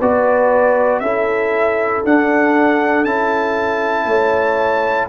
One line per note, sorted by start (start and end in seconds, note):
0.00 1.01 B3
0.00 1.04 F#4
0.00 1.02 B4
0.00 1.00 D5
1.00 2.03 C#4
1.00 2.06 E4
1.00 4.08 A4
1.00 2.02 E5
2.05 3.05 D4
2.05 3.06 D4
2.05 3.05 F#5
3.05 4.06 C#4
3.05 5.09 E4
3.05 5.08 A5
4.06 5.07 A3
4.06 5.09 C#5